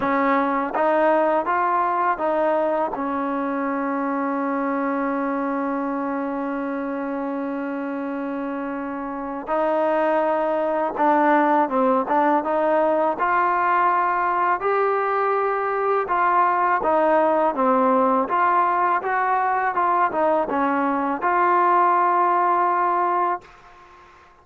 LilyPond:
\new Staff \with { instrumentName = "trombone" } { \time 4/4 \tempo 4 = 82 cis'4 dis'4 f'4 dis'4 | cis'1~ | cis'1~ | cis'4 dis'2 d'4 |
c'8 d'8 dis'4 f'2 | g'2 f'4 dis'4 | c'4 f'4 fis'4 f'8 dis'8 | cis'4 f'2. | }